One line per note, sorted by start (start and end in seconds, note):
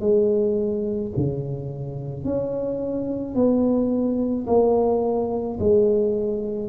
0.00 1.11 G#3
1.16 2.24 C#3
2.24 3.35 C#4
3.35 4.46 B3
4.46 5.58 A#3
5.60 6.69 G#3